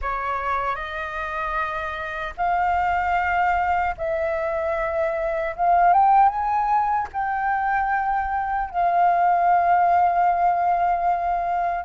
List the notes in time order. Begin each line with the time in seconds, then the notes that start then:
0.01 C#5
0.75 D#5
2.37 F5
3.97 E5
5.56 F5
5.93 G5
6.28 G#5
7.12 G5
8.70 F5